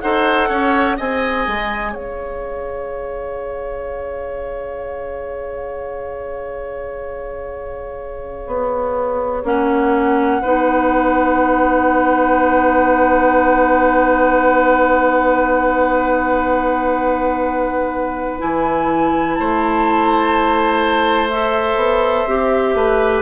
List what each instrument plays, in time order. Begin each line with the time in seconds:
0.00 bassoon D#4, clarinet A4, oboe C5, flute F#5
0.49 bassoon C#4, oboe C#5
0.97 bassoon C4, clarinet G#4, oboe D#5, flute G#5
1.47 bassoon G#3
1.92 bassoon C#4, oboe C#5, flute F5
8.46 bassoon B3
9.44 bassoon A#3, clarinet C#4, flute F#5
10.41 bassoon B3, clarinet D#4, oboe B4
18.39 bassoon E3, clarinet E4, flute G#5
19.35 bassoon A3, oboe C5, flute A5
21.30 clarinet A4, flute E5
21.76 bassoon B3
22.26 bassoon C4, clarinet G4
22.74 bassoon A3, oboe B4